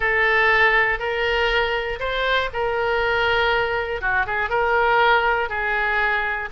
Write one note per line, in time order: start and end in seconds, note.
0.00 0.99 A4
0.99 1.99 A#4
1.99 2.49 C5
2.53 4.01 A#4
4.01 4.26 F#4
4.26 4.49 G#4
4.49 5.49 A#4
5.49 6.49 G#4